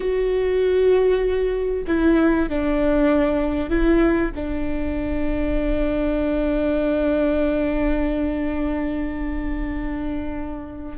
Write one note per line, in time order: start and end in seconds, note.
0.00 1.84 F#4
1.87 2.49 E4
2.49 3.69 D4
3.69 4.31 E4
4.35 10.98 D4